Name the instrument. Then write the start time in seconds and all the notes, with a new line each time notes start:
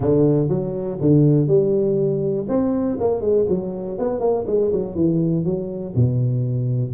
tuba
0.00 D3
0.48 F#3
1.00 D3
1.47 G3
2.48 C4
3.00 A#3
3.21 G#3
3.48 F#3
3.98 B3
4.19 A#3
4.46 G#3
4.72 F#3
4.95 E3
5.44 F#3
5.95 B2